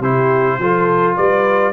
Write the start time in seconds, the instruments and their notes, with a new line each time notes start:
0.00 tuba C3, trombone E4, horn G4, trumpet C5
0.59 tuba F3, trombone F4, horn A4
1.16 tuba G3, horn B4, trumpet D5